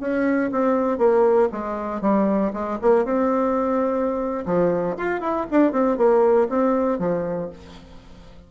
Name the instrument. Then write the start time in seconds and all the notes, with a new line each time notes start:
bassoon
0.00 C#4
0.52 C4
0.98 A#3
1.52 G#3
2.01 G3
2.53 G#3
2.82 A#3
3.05 C4
4.46 F3
4.98 F4
5.21 E4
5.51 D4
5.72 C4
5.97 A#3
6.49 C4
6.99 F3